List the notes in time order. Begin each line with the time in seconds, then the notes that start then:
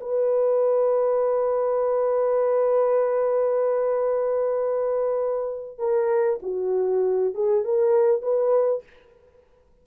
0.00 B4
5.78 A#4
6.42 F#4
7.34 G#4
7.64 A#4
8.22 B4